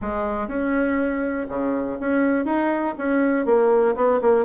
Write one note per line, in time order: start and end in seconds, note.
0.01 0.48 G#3
0.48 1.47 C#4
1.48 1.98 C#3
2.00 2.45 C#4
2.45 2.95 D#4
2.98 3.45 C#4
3.45 3.95 A#3
3.95 4.20 B3
4.21 4.45 A#3